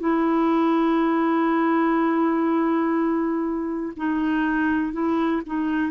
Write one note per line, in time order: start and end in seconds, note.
0.00 3.93 E4
3.97 4.93 D#4
4.93 5.42 E4
5.46 5.92 D#4